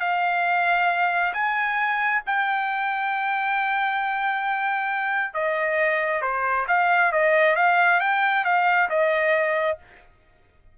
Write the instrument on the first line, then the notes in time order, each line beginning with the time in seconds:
trumpet
0.00 F5
1.34 G#5
2.26 G5
5.34 D#5
6.22 C5
6.68 F5
7.12 D#5
7.56 F5
8.00 G5
8.45 F5
8.90 D#5